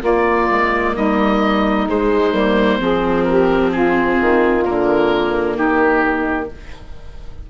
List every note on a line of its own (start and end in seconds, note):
0.00 0.48 A#3
0.00 1.87 A#3
0.00 0.92 F4
0.00 0.96 D5
0.50 0.96 G#3
0.95 1.88 G3
0.95 2.79 D#4
0.95 1.89 D#5
1.88 2.34 G#3
1.88 2.33 G#3
1.88 3.24 C5
2.33 2.79 G3
2.33 2.79 A#3
2.79 4.18 F3
2.79 4.64 C4
2.79 3.27 G#4
3.24 3.73 G4
3.24 3.70 A#4
3.72 5.56 F4
3.72 4.64 G#4
4.21 4.67 D#3
4.64 5.58 D3
4.64 6.50 A#3
4.64 5.57 A#4
5.56 6.50 D#3
5.56 6.48 D#4
5.56 6.50 G4